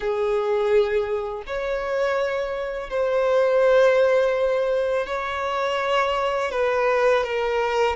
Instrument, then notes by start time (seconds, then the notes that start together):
violin
0.00 G#4
1.46 C#5
2.89 C5
5.06 C#5
6.51 B4
7.23 A#4